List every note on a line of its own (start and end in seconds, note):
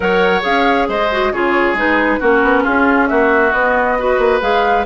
0.00 0.42 F#3
0.00 0.41 A#4
0.00 0.88 C#5
0.00 0.42 F#5
0.41 0.88 C#4
0.41 1.07 G#4
0.41 0.88 F5
0.88 1.32 G#3
0.88 1.32 C5
0.88 1.32 D#5
1.11 1.33 F#4
1.32 1.73 C#3
1.32 1.76 F4
1.32 2.19 G#4
1.32 1.76 C#5
1.73 2.17 G#3
1.73 2.20 D#4
1.73 2.21 B4
2.19 2.42 A#3
2.19 3.52 C#4
2.19 2.63 F#4
2.19 2.64 A#4
2.42 2.64 B3
2.63 3.10 C#4
2.63 3.07 F4
2.63 3.08 G#4
3.08 3.52 A#3
3.08 3.98 F#4
3.08 3.51 E5
3.51 4.18 B3
3.51 3.98 B3
3.51 4.40 D#5
3.98 4.40 F#4
3.98 4.86 B4
4.18 4.40 A#3
4.40 4.85 G#3
4.40 4.84 G#4
4.40 4.85 F5